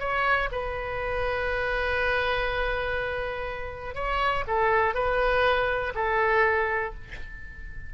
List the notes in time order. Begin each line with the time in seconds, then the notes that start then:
0.00 C#5
0.52 B4
3.95 C#5
4.48 A4
4.95 B4
5.95 A4